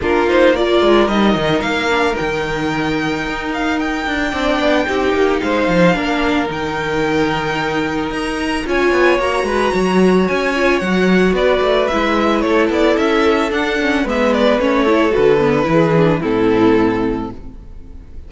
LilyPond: <<
  \new Staff \with { instrumentName = "violin" } { \time 4/4 \tempo 4 = 111 ais'8 c''8 d''4 dis''4 f''4 | g''2~ g''8 f''8 g''4~ | g''2 f''2 | g''2. ais''4 |
gis''4 ais''2 gis''4 | fis''4 d''4 e''4 cis''8 d''8 | e''4 fis''4 e''8 d''8 cis''4 | b'2 a'2 | }
  \new Staff \with { instrumentName = "violin" } { \time 4/4 f'4 ais'2.~ | ais'1 | d''4 g'4 c''4 ais'4~ | ais'1 |
cis''4. b'8 cis''2~ | cis''4 b'2 a'4~ | a'2 b'4. a'8~ | a'4 gis'4 e'2 | }
  \new Staff \with { instrumentName = "viola" } { \time 4/4 d'8 dis'8 f'4 dis'4. d'8 | dis'1 | d'4 dis'2 d'4 | dis'1 |
f'4 fis'2~ fis'8 f'8 | fis'2 e'2~ | e'4 d'8 cis'8 b4 cis'8 e'8 | fis'8 b8 e'8 d'8 c'2 | }
  \new Staff \with { instrumentName = "cello" } { \time 4/4 ais4. gis8 g8 dis8 ais4 | dis2 dis'4. d'8 | c'8 b8 c'8 ais8 gis8 f8 ais4 | dis2. dis'4 |
cis'8 b8 ais8 gis8 fis4 cis'4 | fis4 b8 a8 gis4 a8 b8 | cis'4 d'4 gis4 a4 | d4 e4 a,2 | }
>>